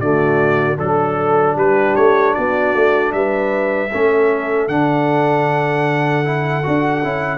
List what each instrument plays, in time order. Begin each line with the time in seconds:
0.00 tuba D3, trombone A3, horn F#4, trumpet D5
0.77 tuba F#3, trombone D4, trumpet A4, horn A4
1.56 tuba G3, horn G4, trumpet B4
1.96 tuba A3, trumpet C#5
2.34 tuba B3, horn F#4, trumpet D5
2.75 tuba A3
3.13 tuba G3, horn B4, trumpet E5
3.92 tuba A3, trombone C#4, horn A4
4.68 tuba D3, trombone D4, trumpet F#5
6.25 trombone E4
6.63 tuba D4, trombone F#4
7.04 tuba C#4, trombone E4